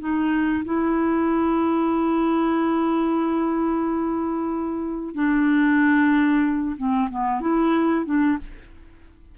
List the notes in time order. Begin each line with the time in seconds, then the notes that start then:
0.00 D#4
0.65 E4
5.15 D4
6.77 C4
7.11 B3
7.41 E4
8.06 D4